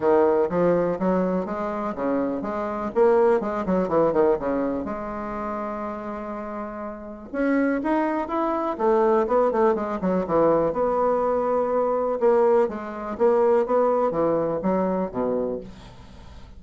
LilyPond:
\new Staff \with { instrumentName = "bassoon" } { \time 4/4 \tempo 4 = 123 dis4 f4 fis4 gis4 | cis4 gis4 ais4 gis8 fis8 | e8 dis8 cis4 gis2~ | gis2. cis'4 |
dis'4 e'4 a4 b8 a8 | gis8 fis8 e4 b2~ | b4 ais4 gis4 ais4 | b4 e4 fis4 b,4 | }